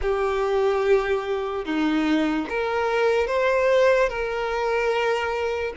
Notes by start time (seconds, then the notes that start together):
0.01 G4
1.65 D#4
2.49 A#4
3.27 C5
4.09 A#4